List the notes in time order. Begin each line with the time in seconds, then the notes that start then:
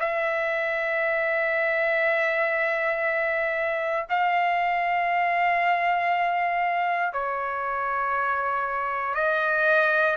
0.00 E5
4.10 F5
7.13 C#5
9.15 D#5